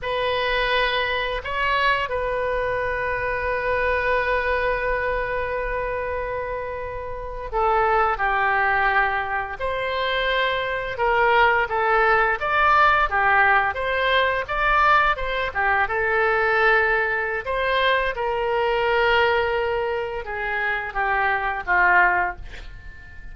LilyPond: \new Staff \with { instrumentName = "oboe" } { \time 4/4 \tempo 4 = 86 b'2 cis''4 b'4~ | b'1~ | b'2~ b'8. a'4 g'16~ | g'4.~ g'16 c''2 ais'16~ |
ais'8. a'4 d''4 g'4 c''16~ | c''8. d''4 c''8 g'8 a'4~ a'16~ | a'4 c''4 ais'2~ | ais'4 gis'4 g'4 f'4 | }